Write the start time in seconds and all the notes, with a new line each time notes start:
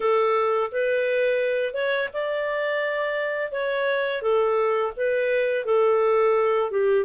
0.00 A4
0.71 B4
1.73 C#5
2.13 D5
3.51 C#5
4.22 A4
4.96 B4
5.65 A4
6.71 G4